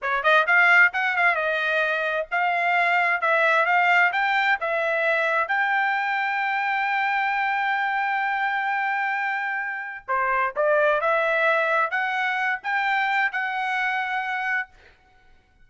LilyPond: \new Staff \with { instrumentName = "trumpet" } { \time 4/4 \tempo 4 = 131 cis''8 dis''8 f''4 fis''8 f''8 dis''4~ | dis''4 f''2 e''4 | f''4 g''4 e''2 | g''1~ |
g''1~ | g''2 c''4 d''4 | e''2 fis''4. g''8~ | g''4 fis''2. | }